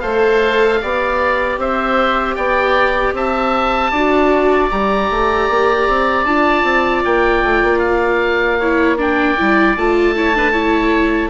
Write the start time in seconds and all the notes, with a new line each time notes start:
0.00 A3 A4 C5 F5
0.81 B3 G4 D5
1.58 C4 C5 E5
2.35 B3 D5 G5
3.13 C4 E5 A5
3.91 D4 F#4 D5
4.70 G3 G4 A#5
5.10 A3
5.49 A#3
5.88 C4
6.25 D4 F4 A5
6.64 C4
7.04 A#3 G5
7.43 A3
7.62 A#3
7.79 F5
8.60 E4 C#5
8.98 D4 D5 G5
9.37 G3 E4
9.76 A3 F4 A5
10.16 E4 C#5
10.35 D4 B4
10.52 E4 C#5